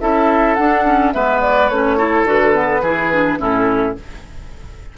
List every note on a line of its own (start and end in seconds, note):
0.00 0.57 C#4
0.00 0.57 E4
0.00 1.14 A4
0.00 0.55 E5
0.55 0.85 D4
0.55 1.14 D4
0.55 1.11 F#5
0.85 1.13 C#4
1.12 1.69 G#3
1.12 1.70 B3
1.12 1.97 B4
1.12 1.40 E5
1.41 1.69 D5
1.69 2.23 A3
1.69 1.98 C#4
1.69 2.25 C#5
1.97 2.26 E4
1.97 2.82 A4
2.23 2.80 D3
2.23 2.54 F#4
2.23 3.41 B4
2.54 2.82 B3
2.81 3.38 E3
2.81 3.13 E4
2.81 3.39 G#4
3.13 3.38 D4
3.38 3.95 A2
3.38 3.95 C#4
3.38 3.96 E4
3.38 3.97 A4